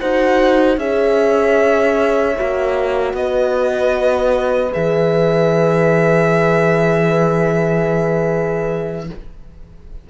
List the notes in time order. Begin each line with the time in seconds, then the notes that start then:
0.00 D#4 F#4 C5 F#5
0.78 C#4 G#4 C#5 E5
2.37 A#3 F#4
3.14 B3 B4 D#5
4.72 E3 G#4 E5